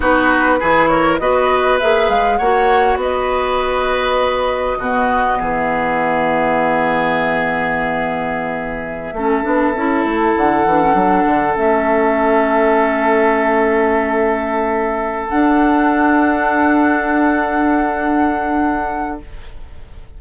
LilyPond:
<<
  \new Staff \with { instrumentName = "flute" } { \time 4/4 \tempo 4 = 100 b'4. cis''8 dis''4 e''8 f''8 | fis''4 dis''2.~ | dis''4 e''2.~ | e''1~ |
e''4~ e''16 fis''2 e''8.~ | e''1~ | e''4. fis''2~ fis''8~ | fis''1 | }
  \new Staff \with { instrumentName = "oboe" } { \time 4/4 fis'4 gis'8 ais'8 b'2 | cis''4 b'2. | fis'4 gis'2.~ | gis'2.~ gis'16 a'8.~ |
a'1~ | a'1~ | a'1~ | a'1 | }
  \new Staff \with { instrumentName = "clarinet" } { \time 4/4 dis'4 e'4 fis'4 gis'4 | fis'1 | b1~ | b2.~ b16 cis'8 d'16~ |
d'16 e'4. d'16 cis'16 d'4 cis'8.~ | cis'1~ | cis'4. d'2~ d'8~ | d'1 | }
  \new Staff \with { instrumentName = "bassoon" } { \time 4/4 b4 e4 b4 ais8 gis8 | ais4 b2. | b,4 e2.~ | e2.~ e16 a8 b16~ |
b16 cis'8 a8 d8 e8 fis8 d8 a8.~ | a1~ | a4. d'2~ d'8~ | d'1 | }
>>